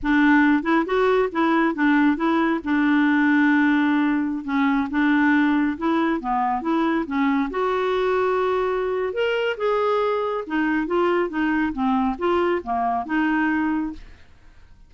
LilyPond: \new Staff \with { instrumentName = "clarinet" } { \time 4/4 \tempo 4 = 138 d'4. e'8 fis'4 e'4 | d'4 e'4 d'2~ | d'2~ d'16 cis'4 d'8.~ | d'4~ d'16 e'4 b4 e'8.~ |
e'16 cis'4 fis'2~ fis'8.~ | fis'4 ais'4 gis'2 | dis'4 f'4 dis'4 c'4 | f'4 ais4 dis'2 | }